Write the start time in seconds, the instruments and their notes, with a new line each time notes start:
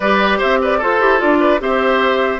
0.00 bassoon G3, clarinet G4, oboe B4, flute D5
0.38 bassoon C4, oboe C5, flute E5
0.61 oboe B4, flute D5
0.78 bassoon F4, oboe A4, clarinet A4, flute C5
1.00 bassoon E4, clarinet G4
1.18 bassoon D4, clarinet F4, flute D5
1.40 oboe B4
1.59 bassoon C4, clarinet G4, oboe C5, flute E5